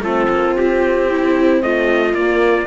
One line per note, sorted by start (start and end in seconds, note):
0.00 0.27 A3
0.00 2.13 C4
0.00 1.09 F4
0.00 0.57 A4
0.30 0.56 A#3
0.57 1.62 C4
0.57 1.62 G4
1.10 1.63 E4
1.62 2.13 A3
1.62 2.67 F4
1.62 2.14 D#5
2.13 2.66 A#3
2.13 2.67 A#3
2.13 2.67 D5